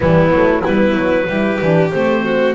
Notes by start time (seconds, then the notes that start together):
0.00 E3 G3 B3 E4
0.30 F#3 A3
0.63 G3 B3 E4 B4
0.95 F#3
1.27 G3 E4 G4
1.61 E3 D4
1.91 A3 C4 C5
2.24 F#4